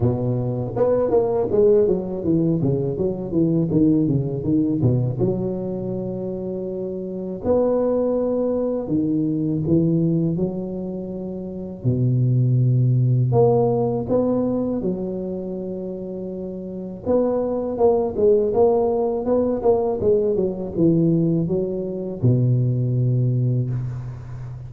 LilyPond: \new Staff \with { instrumentName = "tuba" } { \time 4/4 \tempo 4 = 81 b,4 b8 ais8 gis8 fis8 e8 cis8 | fis8 e8 dis8 cis8 dis8 b,8 fis4~ | fis2 b2 | dis4 e4 fis2 |
b,2 ais4 b4 | fis2. b4 | ais8 gis8 ais4 b8 ais8 gis8 fis8 | e4 fis4 b,2 | }